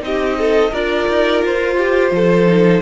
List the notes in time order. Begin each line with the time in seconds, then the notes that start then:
0.00 C4 D#4 G4 D#5
0.38 A4
0.70 D4 F4 A#4 D5
1.08 D#4
1.42 F4 C5
1.77 G4
2.11 F3 A4
2.47 D#4